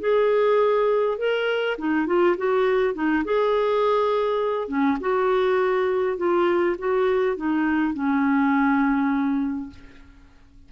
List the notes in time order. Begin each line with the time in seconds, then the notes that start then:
0.00 G#4
1.18 A#4
1.78 D#4
2.06 F4
2.37 F#4
2.94 D#4
3.24 G#4
4.68 C#4
5.00 F#4
6.17 F4
6.78 F#4
7.36 D#4
7.94 C#4